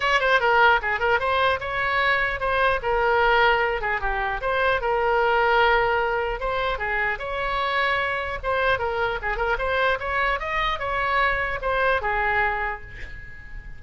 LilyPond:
\new Staff \with { instrumentName = "oboe" } { \time 4/4 \tempo 4 = 150 cis''8 c''8 ais'4 gis'8 ais'8 c''4 | cis''2 c''4 ais'4~ | ais'4. gis'8 g'4 c''4 | ais'1 |
c''4 gis'4 cis''2~ | cis''4 c''4 ais'4 gis'8 ais'8 | c''4 cis''4 dis''4 cis''4~ | cis''4 c''4 gis'2 | }